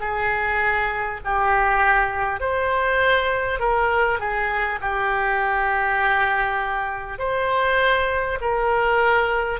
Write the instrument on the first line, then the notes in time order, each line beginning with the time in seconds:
oboe
0.00 G#4
1.24 G4
2.40 C5
3.59 A#4
4.19 G#4
4.81 G4
7.18 C5
8.41 A#4